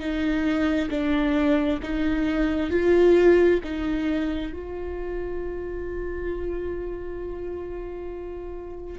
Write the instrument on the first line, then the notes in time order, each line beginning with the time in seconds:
viola
0.00 D#4
0.91 D4
1.83 D#4
2.71 F4
3.64 D#4
4.53 F4